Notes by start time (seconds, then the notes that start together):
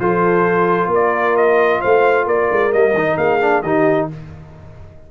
0.00 F3 F4 A4 C5
0.88 A#3 A#4
0.95 D5
1.37 D#5
1.81 A3 C5 F5
2.27 A#3 A#4 D5
2.52 G#3
2.73 G3 A#3 D#5
2.94 D#3 D#4
3.18 A#3 G#4 F5
3.41 D4
3.63 D#3 D#4 G4 D#5